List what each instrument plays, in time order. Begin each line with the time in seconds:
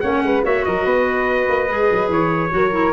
0.00 tuba A#3, clarinet C#4, flute C#5, trumpet F#5
0.23 tuba G#3, flute B4
0.43 tuba A#3, clarinet F#4, flute C#5, trumpet E5
0.64 tuba F#3, flute A#4, trumpet D#5
0.85 tuba B3, flute B4
1.48 tuba A#3
1.68 tuba G#3, clarinet G#4
1.91 tuba F#3
2.09 tuba E3, trumpet C#5
2.50 tuba F#3, clarinet F#4, flute A#4
2.71 clarinet E4